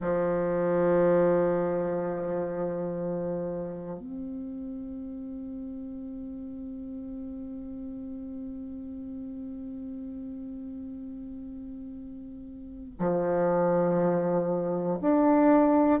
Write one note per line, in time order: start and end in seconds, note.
0.00 3.99 F3
3.99 12.99 C4
12.99 14.99 F3
15.01 16.00 D4